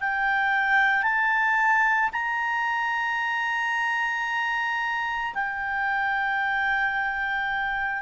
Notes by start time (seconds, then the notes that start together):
0.00 G5
1.02 A5
2.12 A#5
5.34 G5